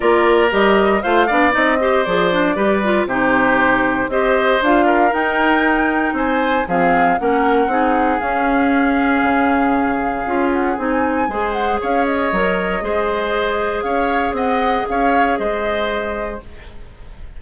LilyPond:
<<
  \new Staff \with { instrumentName = "flute" } { \time 4/4 \tempo 4 = 117 d''4 dis''4 f''4 dis''4 | d''2 c''2 | dis''4 f''4 g''2 | gis''4 f''4 fis''2 |
f''1~ | f''8 fis''8 gis''4. fis''8 f''8 dis''8~ | dis''2. f''4 | fis''4 f''4 dis''2 | }
  \new Staff \with { instrumentName = "oboe" } { \time 4/4 ais'2 c''8 d''4 c''8~ | c''4 b'4 g'2 | c''4. ais'2~ ais'8 | c''4 gis'4 ais'4 gis'4~ |
gis'1~ | gis'2 c''4 cis''4~ | cis''4 c''2 cis''4 | dis''4 cis''4 c''2 | }
  \new Staff \with { instrumentName = "clarinet" } { \time 4/4 f'4 g'4 f'8 d'8 dis'8 g'8 | gis'8 d'8 g'8 f'8 dis'2 | g'4 f'4 dis'2~ | dis'4 c'4 cis'4 dis'4 |
cis'1 | f'4 dis'4 gis'2 | ais'4 gis'2.~ | gis'1 | }
  \new Staff \with { instrumentName = "bassoon" } { \time 4/4 ais4 g4 a8 b8 c'4 | f4 g4 c2 | c'4 d'4 dis'2 | c'4 f4 ais4 c'4 |
cis'2 cis2 | cis'4 c'4 gis4 cis'4 | fis4 gis2 cis'4 | c'4 cis'4 gis2 | }
>>